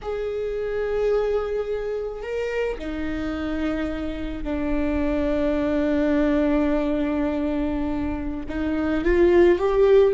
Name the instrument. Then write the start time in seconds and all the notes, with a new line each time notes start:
viola
0.02 G#4
2.22 A#4
2.78 D#4
4.43 D4
8.48 D#4
9.04 F4
9.58 G4